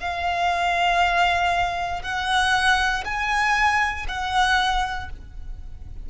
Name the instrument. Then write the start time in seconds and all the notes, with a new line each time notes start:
violin
0.00 F5
2.02 F#5
3.05 G#5
4.08 F#5